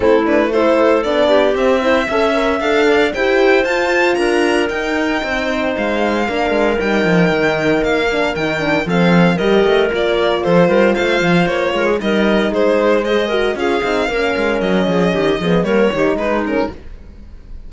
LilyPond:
<<
  \new Staff \with { instrumentName = "violin" } { \time 4/4 \tempo 4 = 115 a'8 b'8 c''4 d''4 e''4~ | e''4 f''4 g''4 a''4 | ais''4 g''2 f''4~ | f''4 g''2 f''4 |
g''4 f''4 dis''4 d''4 | c''4 f''4 cis''4 dis''4 | c''4 dis''4 f''2 | dis''2 cis''4 b'8 ais'8 | }
  \new Staff \with { instrumentName = "clarinet" } { \time 4/4 e'4 a'4. g'4 c''8 | e''4. d''8 c''2 | ais'2 c''2 | ais'1~ |
ais'4 a'4 ais'2 | a'8 ais'8 c''4. ais'16 gis'16 ais'4 | gis'4 c''8 ais'8 gis'4 ais'4~ | ais'8 gis'8 g'8 gis'8 ais'8 g'8 dis'4 | }
  \new Staff \with { instrumentName = "horn" } { \time 4/4 c'8 d'8 e'4 d'4 c'8 e'8 | a'8 ais'8 a'4 g'4 f'4~ | f'4 dis'2. | d'4 dis'2~ dis'8 d'8 |
dis'8 d'8 c'4 g'4 f'4~ | f'2. dis'4~ | dis'4 gis'8 fis'8 f'8 dis'8 cis'4~ | cis'4. b8 ais8 dis'4 cis'8 | }
  \new Staff \with { instrumentName = "cello" } { \time 4/4 a2 b4 c'4 | cis'4 d'4 e'4 f'4 | d'4 dis'4 c'4 gis4 | ais8 gis8 g8 f8 dis4 ais4 |
dis4 f4 g8 a8 ais4 | f8 g8 a8 f8 ais8 gis8 g4 | gis2 cis'8 c'8 ais8 gis8 | fis8 f8 dis8 f8 g8 dis8 gis4 | }
>>